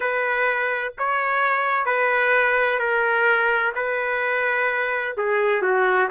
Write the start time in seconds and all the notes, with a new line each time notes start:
0.00 B4
0.98 C#5
1.85 B4
2.79 A#4
3.75 B4
5.16 G#4
5.62 F#4